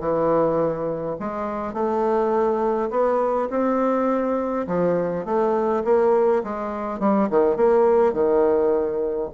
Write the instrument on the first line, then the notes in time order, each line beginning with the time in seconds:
bassoon
0.00 E3
1.20 G#3
1.74 A3
2.90 B3
3.50 C4
4.67 F3
5.25 A3
5.85 A#3
6.44 G#3
7.00 G3
7.30 D#3
7.56 A#3
8.13 D#3